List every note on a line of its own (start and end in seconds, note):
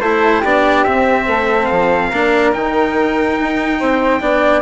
0.00 0.43 A3
0.00 0.44 E4
0.00 0.40 A4
0.00 0.42 C5
0.40 0.85 B3
0.40 0.86 D4
0.40 1.24 G4
0.40 0.83 D5
0.83 2.12 C4
0.83 1.27 C4
0.83 1.65 E5
1.26 1.69 A3
1.26 2.09 A4
1.65 2.12 F3
1.65 2.49 F5
2.09 2.54 A#3
2.09 2.52 D4
2.09 3.77 A#4
2.52 3.38 D#3
2.52 4.20 D#4
2.52 4.62 G5
3.39 3.81 D#4
3.79 4.21 C4
3.79 4.21 C5
4.20 4.62 B3
4.20 4.62 D4
4.20 4.62 D5